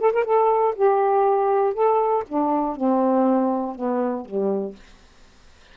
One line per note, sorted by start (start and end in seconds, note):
0.00 0.12 A4
0.13 0.25 A#4
0.25 0.75 A4
0.75 1.74 G4
1.74 2.24 A4
2.29 2.76 D4
2.76 3.75 C4
3.75 4.25 B3
4.25 4.75 G3